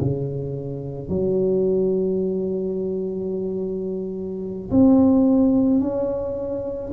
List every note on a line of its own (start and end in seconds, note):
0.00 1.09 C#3
1.09 4.70 F#3
4.71 5.80 C4
5.80 6.91 C#4